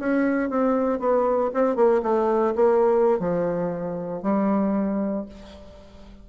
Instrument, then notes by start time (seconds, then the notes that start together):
bassoon
0.00 C#4
0.50 C4
1.00 B3
1.54 C4
1.76 A#3
2.03 A3
2.56 A#3
3.20 F3
4.23 G3